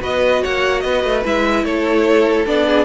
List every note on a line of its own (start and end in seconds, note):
0.00 0.42 B3
0.00 1.22 F#4
0.00 0.42 B4
0.00 0.44 D#5
0.42 0.84 A#3
0.42 0.83 C#5
0.42 0.80 F#5
0.80 1.04 B3
0.80 1.64 B4
0.80 1.21 D#5
1.04 1.24 A3
1.24 1.64 G#3
1.24 2.46 E4
1.24 1.64 E5
1.64 2.46 A3
1.64 2.66 A4
1.64 2.46 C#5
2.46 2.85 B3
2.46 2.85 D4
2.46 2.85 D5
2.66 2.85 G#4